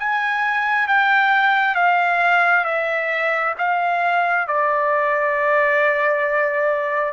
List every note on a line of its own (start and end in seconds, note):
0.00 0.88 G#5
0.88 1.75 G5
1.75 2.65 F5
2.65 3.55 E5
3.59 4.48 F5
4.48 7.13 D5